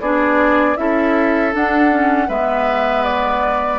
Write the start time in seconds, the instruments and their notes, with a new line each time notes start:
0.00 bassoon B3, clarinet D4, oboe G#4, flute D5
0.76 bassoon C#4, clarinet E4, oboe A4, flute E5
1.52 clarinet D4, bassoon D4, flute F#5
1.90 clarinet C#4
2.28 bassoon G#3, clarinet B3, oboe B4, flute E5
3.03 flute D5